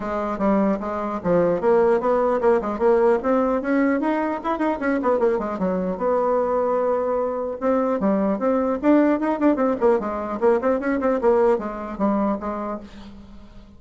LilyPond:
\new Staff \with { instrumentName = "bassoon" } { \time 4/4 \tempo 4 = 150 gis4 g4 gis4 f4 | ais4 b4 ais8 gis8 ais4 | c'4 cis'4 dis'4 e'8 dis'8 | cis'8 b8 ais8 gis8 fis4 b4~ |
b2. c'4 | g4 c'4 d'4 dis'8 d'8 | c'8 ais8 gis4 ais8 c'8 cis'8 c'8 | ais4 gis4 g4 gis4 | }